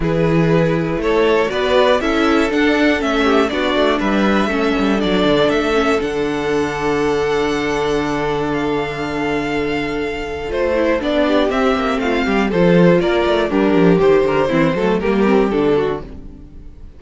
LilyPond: <<
  \new Staff \with { instrumentName = "violin" } { \time 4/4 \tempo 4 = 120 b'2 cis''4 d''4 | e''4 fis''4 e''4 d''4 | e''2 d''4 e''4 | fis''1~ |
fis''4 f''2.~ | f''4 c''4 d''4 e''4 | f''4 c''4 d''4 ais'4 | c''2 ais'4 a'4 | }
  \new Staff \with { instrumentName = "violin" } { \time 4/4 gis'2 a'4 b'4 | a'2~ a'8 g'8 fis'4 | b'4 a'2.~ | a'1~ |
a'1~ | a'2~ a'8 g'4. | f'8 g'8 a'4 ais'4 d'4 | g'8 ais'8 e'8 a'8 g'4. fis'8 | }
  \new Staff \with { instrumentName = "viola" } { \time 4/4 e'2. fis'4 | e'4 d'4 cis'4 d'4~ | d'4 cis'4 d'4. cis'8 | d'1~ |
d'1~ | d'4 f'8 e'8 d'4 c'4~ | c'4 f'2 g'4~ | g'4 c'8 a8 ais8 c'8 d'4 | }
  \new Staff \with { instrumentName = "cello" } { \time 4/4 e2 a4 b4 | cis'4 d'4 a4 b8 a8 | g4 a8 g8 fis8 d8 a4 | d1~ |
d1~ | d4 a4 b4 c'8 ais8 | a8 g8 f4 ais8 a8 g8 f8 | dis8 d8 e8 fis8 g4 d4 | }
>>